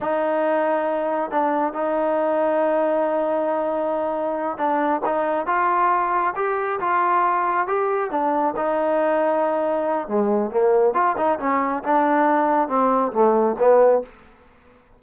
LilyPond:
\new Staff \with { instrumentName = "trombone" } { \time 4/4 \tempo 4 = 137 dis'2. d'4 | dis'1~ | dis'2~ dis'8 d'4 dis'8~ | dis'8 f'2 g'4 f'8~ |
f'4. g'4 d'4 dis'8~ | dis'2. gis4 | ais4 f'8 dis'8 cis'4 d'4~ | d'4 c'4 a4 b4 | }